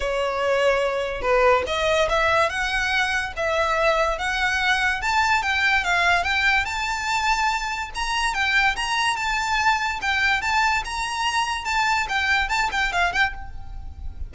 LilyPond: \new Staff \with { instrumentName = "violin" } { \time 4/4 \tempo 4 = 144 cis''2. b'4 | dis''4 e''4 fis''2 | e''2 fis''2 | a''4 g''4 f''4 g''4 |
a''2. ais''4 | g''4 ais''4 a''2 | g''4 a''4 ais''2 | a''4 g''4 a''8 g''8 f''8 g''8 | }